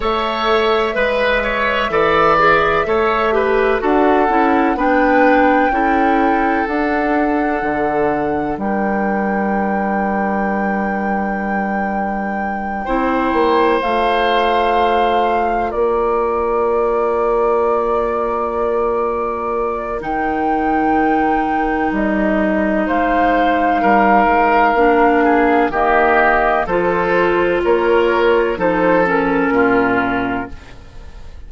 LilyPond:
<<
  \new Staff \with { instrumentName = "flute" } { \time 4/4 \tempo 4 = 63 e''1 | fis''4 g''2 fis''4~ | fis''4 g''2.~ | g''2~ g''8 f''4.~ |
f''8 d''2.~ d''8~ | d''4 g''2 dis''4 | f''2. dis''4 | c''4 cis''4 c''8 ais'4. | }
  \new Staff \with { instrumentName = "oboe" } { \time 4/4 cis''4 b'8 cis''8 d''4 cis''8 b'8 | a'4 b'4 a'2~ | a'4 ais'2.~ | ais'4. c''2~ c''8~ |
c''8 ais'2.~ ais'8~ | ais'1 | c''4 ais'4. gis'8 g'4 | a'4 ais'4 a'4 f'4 | }
  \new Staff \with { instrumentName = "clarinet" } { \time 4/4 a'4 b'4 a'8 gis'8 a'8 g'8 | fis'8 e'8 d'4 e'4 d'4~ | d'1~ | d'4. e'4 f'4.~ |
f'1~ | f'4 dis'2.~ | dis'2 d'4 ais4 | f'2 dis'8 cis'4. | }
  \new Staff \with { instrumentName = "bassoon" } { \time 4/4 a4 gis4 e4 a4 | d'8 cis'8 b4 cis'4 d'4 | d4 g2.~ | g4. c'8 ais8 a4.~ |
a8 ais2.~ ais8~ | ais4 dis2 g4 | gis4 g8 gis8 ais4 dis4 | f4 ais4 f4 ais,4 | }
>>